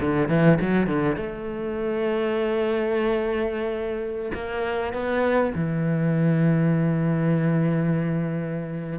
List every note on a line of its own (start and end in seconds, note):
0.00 0.28 D3
0.28 0.58 E3
0.60 0.86 F#3
0.86 1.16 D3
1.16 4.31 A3
4.34 4.93 A#3
4.93 5.53 B3
5.54 8.99 E3